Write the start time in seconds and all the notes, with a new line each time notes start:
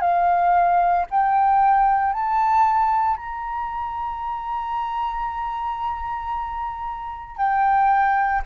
0.00 F5
1.10 G5
2.12 A5
3.17 A#5
7.36 G5